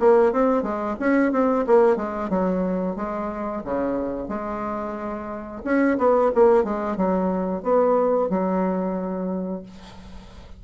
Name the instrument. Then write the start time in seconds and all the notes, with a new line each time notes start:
bassoon
0.00 A#3
0.33 C4
0.63 G#3
1.00 C#4
1.33 C4
1.67 A#3
1.97 G#3
2.30 F#3
2.97 G#3
3.65 C#3
4.29 G#3
5.65 C#4
5.98 B3
6.35 A#3
6.65 G#3
6.98 F#3
7.63 B3
8.30 F#3